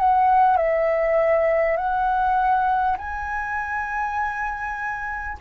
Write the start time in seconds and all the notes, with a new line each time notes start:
0.00 F#5
0.57 E5
1.77 F#5
2.98 G#5